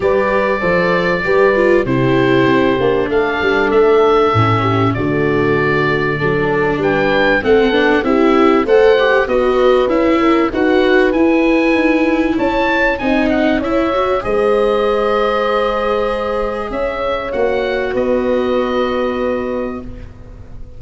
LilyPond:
<<
  \new Staff \with { instrumentName = "oboe" } { \time 4/4 \tempo 4 = 97 d''2. c''4~ | c''4 f''4 e''2 | d''2. g''4 | fis''4 e''4 fis''4 dis''4 |
e''4 fis''4 gis''2 | a''4 gis''8 fis''8 e''4 dis''4~ | dis''2. e''4 | fis''4 dis''2. | }
  \new Staff \with { instrumentName = "horn" } { \time 4/4 b'4 c''4 b'4 g'4~ | g'4 a'2~ a'8 g'8 | fis'2 a'4 b'4 | a'4 g'4 c''4 b'4~ |
b'8 ais'8 b'2. | cis''4 dis''4 cis''4 c''4~ | c''2. cis''4~ | cis''4 b'2. | }
  \new Staff \with { instrumentName = "viola" } { \time 4/4 g'4 a'4 g'8 f'8 e'4~ | e'8 d'2~ d'8 cis'4 | a2 d'2 | c'8 d'8 e'4 a'8 g'8 fis'4 |
e'4 fis'4 e'2~ | e'4 dis'4 e'8 fis'8 gis'4~ | gis'1 | fis'1 | }
  \new Staff \with { instrumentName = "tuba" } { \time 4/4 g4 f4 g4 c4 | c'8 ais8 a8 g8 a4 a,4 | d2 fis4 g4 | a8 b8 c'4 a4 b4 |
cis'4 dis'4 e'4 dis'4 | cis'4 c'4 cis'4 gis4~ | gis2. cis'4 | ais4 b2. | }
>>